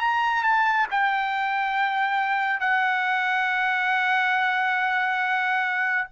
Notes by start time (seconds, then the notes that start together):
0.00 A#5
0.43 A5
0.91 G5
2.60 F#5